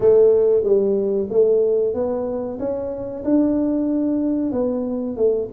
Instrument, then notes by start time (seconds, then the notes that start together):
tuba
0.00 A3
0.63 G3
1.29 A3
1.94 B3
2.59 C#4
3.24 D4
4.52 B3
5.16 A3